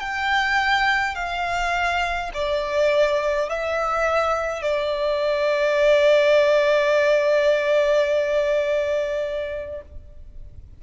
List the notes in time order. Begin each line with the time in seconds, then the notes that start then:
0.00 G5
1.15 F5
2.34 D5
3.49 E5
4.63 D5